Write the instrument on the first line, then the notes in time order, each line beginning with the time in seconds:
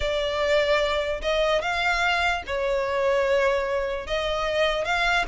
violin
0.00 D5
1.21 D#5
1.61 F5
2.46 C#5
4.06 D#5
4.84 F5